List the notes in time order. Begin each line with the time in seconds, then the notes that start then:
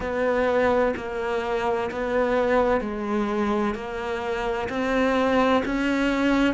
0.00 B3
0.96 A#3
1.90 B3
2.80 G#3
3.74 A#3
4.69 C4
5.65 C#4